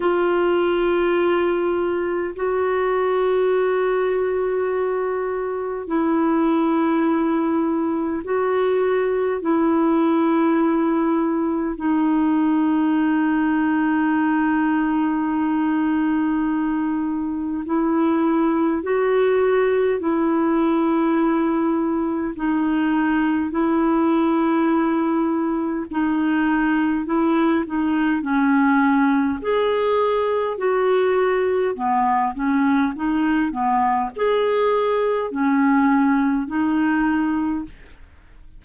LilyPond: \new Staff \with { instrumentName = "clarinet" } { \time 4/4 \tempo 4 = 51 f'2 fis'2~ | fis'4 e'2 fis'4 | e'2 dis'2~ | dis'2. e'4 |
fis'4 e'2 dis'4 | e'2 dis'4 e'8 dis'8 | cis'4 gis'4 fis'4 b8 cis'8 | dis'8 b8 gis'4 cis'4 dis'4 | }